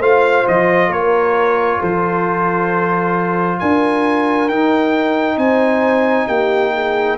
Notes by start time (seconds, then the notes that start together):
0.00 A3 F4 C5 F5
0.48 F3 D#5
0.89 A#3 A#4 C#5
1.79 F3 A4 C5
3.60 D4 A#4 G#5
4.49 D#4 G5
5.37 C4 C5 G#5
6.28 A#3 G4 G5
6.73 G#4